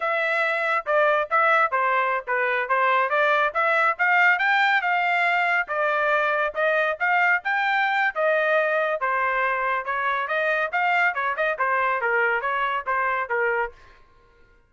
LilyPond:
\new Staff \with { instrumentName = "trumpet" } { \time 4/4 \tempo 4 = 140 e''2 d''4 e''4 | c''4~ c''16 b'4 c''4 d''8.~ | d''16 e''4 f''4 g''4 f''8.~ | f''4~ f''16 d''2 dis''8.~ |
dis''16 f''4 g''4.~ g''16 dis''4~ | dis''4 c''2 cis''4 | dis''4 f''4 cis''8 dis''8 c''4 | ais'4 cis''4 c''4 ais'4 | }